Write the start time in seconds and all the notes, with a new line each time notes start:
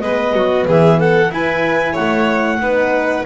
0.00 G#3 B3 B4 D#5
0.34 F#3 F#4
0.67 E3 G#4 E5
1.00 A4 F#5
1.30 E4 B4 G#5
1.93 C#5 F#5
2.00 A3
2.60 B3 D#4 B4